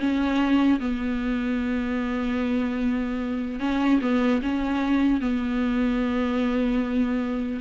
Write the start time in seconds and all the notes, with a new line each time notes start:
0.00 C#4
0.80 B3
3.60 C#4
4.02 B3
4.43 C#4
5.21 B3